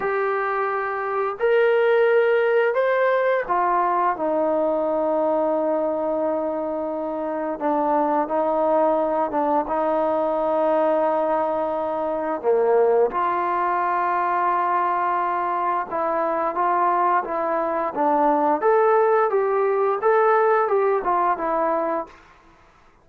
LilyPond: \new Staff \with { instrumentName = "trombone" } { \time 4/4 \tempo 4 = 87 g'2 ais'2 | c''4 f'4 dis'2~ | dis'2. d'4 | dis'4. d'8 dis'2~ |
dis'2 ais4 f'4~ | f'2. e'4 | f'4 e'4 d'4 a'4 | g'4 a'4 g'8 f'8 e'4 | }